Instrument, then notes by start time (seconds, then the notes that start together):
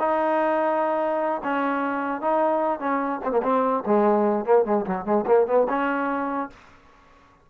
trombone
0.00 D#4
1.44 C#4
2.22 D#4
2.80 C#4
3.25 C4
3.32 A#3
3.43 C4
3.86 G#3
4.46 A#3
4.66 G#3
4.86 F#3
5.05 G#3
5.27 A#3
5.47 B3
5.69 C#4